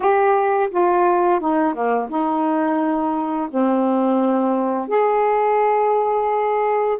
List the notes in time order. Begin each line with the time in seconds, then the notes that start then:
0.00 G4
0.70 F4
1.40 D#4
1.73 A#3
2.09 D#4
3.50 C4
4.88 G#4